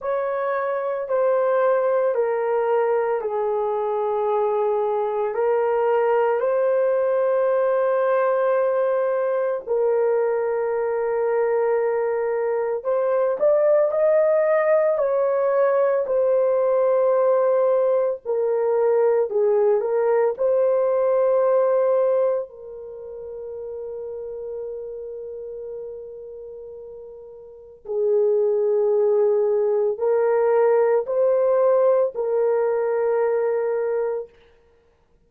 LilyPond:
\new Staff \with { instrumentName = "horn" } { \time 4/4 \tempo 4 = 56 cis''4 c''4 ais'4 gis'4~ | gis'4 ais'4 c''2~ | c''4 ais'2. | c''8 d''8 dis''4 cis''4 c''4~ |
c''4 ais'4 gis'8 ais'8 c''4~ | c''4 ais'2.~ | ais'2 gis'2 | ais'4 c''4 ais'2 | }